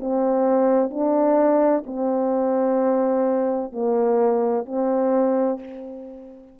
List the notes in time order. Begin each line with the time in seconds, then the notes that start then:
0.00 C4
0.91 D4
1.87 C4
3.72 A#3
4.66 C4